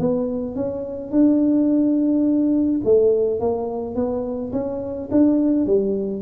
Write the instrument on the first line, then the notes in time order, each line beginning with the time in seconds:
tuba
0.00 B3
0.56 C#4
1.12 D4
2.85 A3
3.40 A#3
3.96 B3
4.53 C#4
5.11 D4
5.67 G3